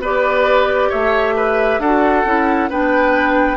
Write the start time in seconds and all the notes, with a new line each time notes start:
0.00 B3 G4 B4 D5
0.89 A3 C#5 E5
1.36 B4
1.79 D4 F#4 A4 F#5
2.24 C#4 E4
2.69 B3 D4 B4 G5